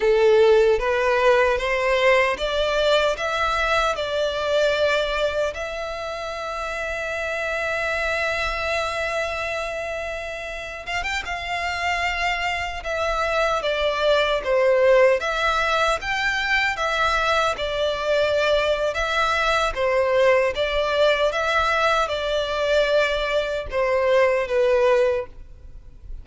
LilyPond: \new Staff \with { instrumentName = "violin" } { \time 4/4 \tempo 4 = 76 a'4 b'4 c''4 d''4 | e''4 d''2 e''4~ | e''1~ | e''4.~ e''16 f''16 g''16 f''4.~ f''16~ |
f''16 e''4 d''4 c''4 e''8.~ | e''16 g''4 e''4 d''4.~ d''16 | e''4 c''4 d''4 e''4 | d''2 c''4 b'4 | }